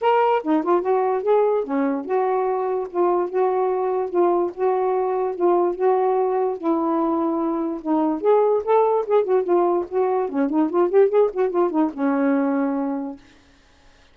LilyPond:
\new Staff \with { instrumentName = "saxophone" } { \time 4/4 \tempo 4 = 146 ais'4 dis'8 f'8 fis'4 gis'4 | cis'4 fis'2 f'4 | fis'2 f'4 fis'4~ | fis'4 f'4 fis'2 |
e'2. dis'4 | gis'4 a'4 gis'8 fis'8 f'4 | fis'4 cis'8 dis'8 f'8 g'8 gis'8 fis'8 | f'8 dis'8 cis'2. | }